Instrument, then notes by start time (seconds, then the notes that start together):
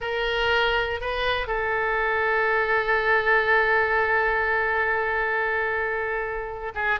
oboe
0.00 A#4
1.00 B4
1.47 A4
6.74 G#4